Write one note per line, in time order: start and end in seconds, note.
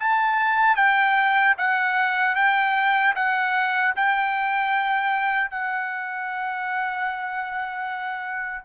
0.00 0.76 A5
0.76 1.55 G5
1.58 2.36 F#5
2.36 3.15 G5
3.15 3.94 F#5
3.96 5.51 G5
5.51 8.65 F#5